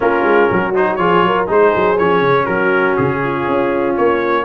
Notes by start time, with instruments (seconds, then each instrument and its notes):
0.00 tuba A#3, trombone C#4, horn F4, trumpet A#4
0.23 tuba G#3
0.50 tuba F#3, horn F#4
0.74 trombone D#4, trumpet C5
0.95 tuba F3, trombone F4, horn G#4, trumpet C#5
1.22 tuba F#3, horn A#4
1.47 tuba G#3, trombone D#4, horn G#4, trumpet C5
1.75 tuba F#3
1.98 tuba F3, trombone C#4, trumpet C#5
2.21 tuba C#3
2.44 tuba F#3, horn F#4, trumpet A#4
2.96 tuba C#3, trumpet G#4
3.23 horn F4
3.48 tuba C#4
3.96 tuba A#3, trumpet C#5